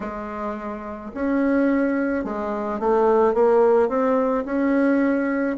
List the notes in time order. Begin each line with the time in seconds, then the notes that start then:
0.00 G#3
1.14 C#4
2.24 G#3
2.79 A3
3.34 A#3
3.88 C4
4.45 C#4